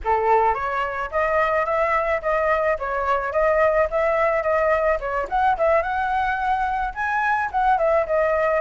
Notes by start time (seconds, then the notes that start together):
0.04 A4
0.54 C#5
1.11 D#5
1.65 E5
2.22 D#5
2.78 C#5
3.32 D#5
3.90 E5
4.42 D#5
4.99 C#5
5.29 F#5
5.57 E5
5.82 F#5
6.94 G#5
7.52 F#5
7.78 E5
8.06 D#5